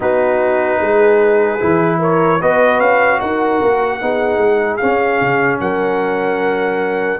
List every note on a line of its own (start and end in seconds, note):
0.00 0.80 B3
0.00 1.59 D#4
0.00 0.80 F#4
0.00 2.01 B4
0.80 1.60 G#3
0.80 1.99 G#4
1.60 2.42 E3
1.60 2.40 E4
1.99 2.38 A#4
1.99 2.41 C#5
2.38 2.80 B3
2.38 4.00 F#4
2.38 3.18 B4
2.38 2.80 D#5
2.80 3.20 C#4
2.80 3.20 F5
3.20 3.61 D#4
3.20 4.00 A#4
3.20 4.77 F#5
3.61 4.01 A#3
4.00 4.37 B3
4.00 4.80 D#4
4.00 5.60 G#4
4.37 4.77 G#3
4.77 7.20 C#4
4.77 5.21 C#4
4.77 5.57 F5
5.21 5.60 C#3
5.60 7.20 F#3
5.60 7.20 A#4
5.60 7.20 F#5